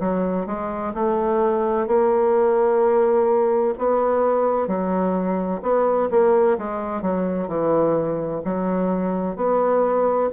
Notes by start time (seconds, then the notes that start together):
0.00 F#3
0.46 G#3
0.94 A3
1.87 A#3
3.78 B3
4.67 F#3
5.62 B3
6.11 A#3
6.58 G#3
7.02 F#3
7.48 E3
8.45 F#3
9.36 B3